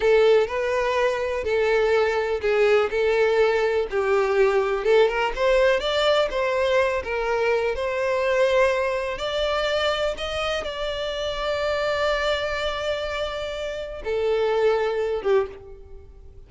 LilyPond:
\new Staff \with { instrumentName = "violin" } { \time 4/4 \tempo 4 = 124 a'4 b'2 a'4~ | a'4 gis'4 a'2 | g'2 a'8 ais'8 c''4 | d''4 c''4. ais'4. |
c''2. d''4~ | d''4 dis''4 d''2~ | d''1~ | d''4 a'2~ a'8 g'8 | }